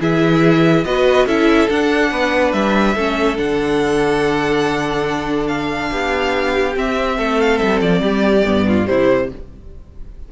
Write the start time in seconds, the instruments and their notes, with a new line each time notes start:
0.00 cello E3, viola E4, violin G#4 E5
0.84 cello B3, viola F#4, violin B4 D#5
1.25 cello C#4, viola E4, violin A4 E5
1.68 viola D4, cello D4, violin F#5
2.11 cello B3, violin B4
2.52 cello G3, violin E5
2.94 cello A3, viola C#4, violin A4
3.36 cello D3, viola D4, violin F#5
5.47 violin F5
5.91 cello B3, violin G4
6.74 viola C4, cello C4, violin E5
7.17 cello A3, violin A4
7.40 violin F5
7.57 cello G3, violin E5
7.81 cello F3, violin D5
8.00 cello G3, violin G4
8.45 cello G2, viola B3
8.67 violin F4
8.85 cello C3, viola G3, violin E4 C5